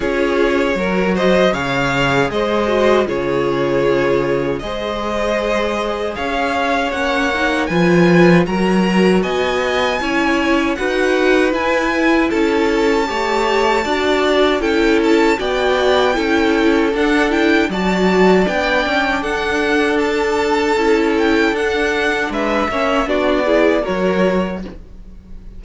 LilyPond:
<<
  \new Staff \with { instrumentName = "violin" } { \time 4/4 \tempo 4 = 78 cis''4. dis''8 f''4 dis''4 | cis''2 dis''2 | f''4 fis''4 gis''4 ais''4 | gis''2 fis''4 gis''4 |
a''2. g''8 a''8 | g''2 fis''8 g''8 a''4 | g''4 fis''4 a''4. g''8 | fis''4 e''4 d''4 cis''4 | }
  \new Staff \with { instrumentName = "violin" } { \time 4/4 gis'4 ais'8 c''8 cis''4 c''4 | gis'2 c''2 | cis''2 b'4 ais'4 | dis''4 cis''4 b'2 |
a'4 cis''4 d''4 a'4 | d''4 a'2 d''4~ | d''4 a'2.~ | a'4 b'8 cis''8 fis'8 gis'8 ais'4 | }
  \new Staff \with { instrumentName = "viola" } { \time 4/4 f'4 fis'4 gis'4. fis'8 | f'2 gis'2~ | gis'4 cis'8 dis'8 f'4 fis'4~ | fis'4 e'4 fis'4 e'4~ |
e'4 g'4 fis'4 e'4 | fis'4 e'4 d'8 e'8 fis'4 | d'2. e'4 | d'4. cis'8 d'8 e'8 fis'4 | }
  \new Staff \with { instrumentName = "cello" } { \time 4/4 cis'4 fis4 cis4 gis4 | cis2 gis2 | cis'4 ais4 f4 fis4 | b4 cis'4 dis'4 e'4 |
cis'4 a4 d'4 cis'4 | b4 cis'4 d'4 fis4 | b8 cis'8 d'2 cis'4 | d'4 gis8 ais8 b4 fis4 | }
>>